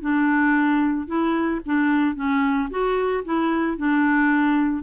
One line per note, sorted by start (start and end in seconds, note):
0.00 1.07 D4
1.07 1.60 E4
1.66 2.15 D4
2.15 2.69 C#4
2.70 3.24 F#4
3.24 3.77 E4
3.77 4.83 D4